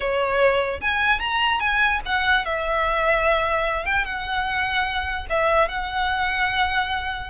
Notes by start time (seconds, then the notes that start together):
0.00 C#5
0.80 G#5
1.19 A#5
1.60 G#5
2.05 F#5
2.45 E5
3.85 G5
4.04 F#5
5.29 E5
5.68 F#5